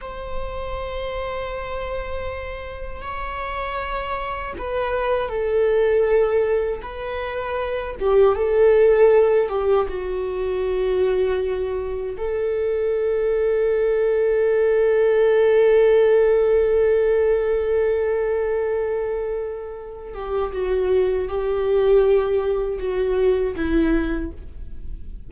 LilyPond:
\new Staff \with { instrumentName = "viola" } { \time 4/4 \tempo 4 = 79 c''1 | cis''2 b'4 a'4~ | a'4 b'4. g'8 a'4~ | a'8 g'8 fis'2. |
a'1~ | a'1~ | a'2~ a'8 g'8 fis'4 | g'2 fis'4 e'4 | }